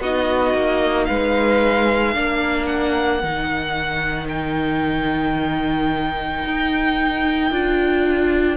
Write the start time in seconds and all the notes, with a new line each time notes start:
0.00 B3 D#4 F#4 D#5
0.54 A#3
1.05 G#3 B4 F5
2.14 A#3 D4 A#4
2.66 F#5
3.23 D#3 D#4
4.29 G5
6.45 D#4
7.51 D4 F4